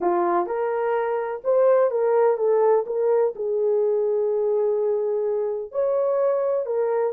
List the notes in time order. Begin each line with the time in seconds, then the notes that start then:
0.00 F4
0.46 A#4
1.44 C5
1.90 A#4
2.37 A4
2.86 A#4
3.35 G#4
5.71 C#5
6.66 A#4